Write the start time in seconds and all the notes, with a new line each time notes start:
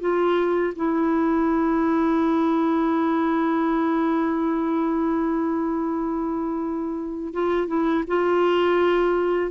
0.00 F4
0.75 E4
7.33 F4
7.68 E4
8.07 F4